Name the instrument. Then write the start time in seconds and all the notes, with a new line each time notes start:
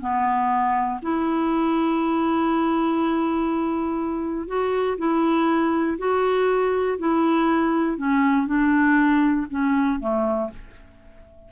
clarinet
0.00 B3
1.02 E4
4.47 F#4
4.97 E4
5.98 F#4
6.98 E4
7.97 C#4
8.46 D4
9.50 C#4
10.00 A3